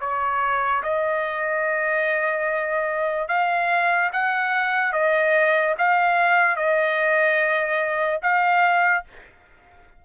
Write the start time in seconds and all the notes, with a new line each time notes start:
0.00 C#5
0.83 D#5
3.28 F5
4.12 F#5
4.92 D#5
5.78 F5
6.56 D#5
8.22 F5